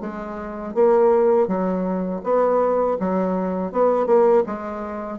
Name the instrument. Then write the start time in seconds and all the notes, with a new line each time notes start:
bassoon
0.00 G#3
0.74 A#3
1.47 F#3
2.24 B3
2.99 F#3
3.72 B3
4.06 A#3
4.46 G#3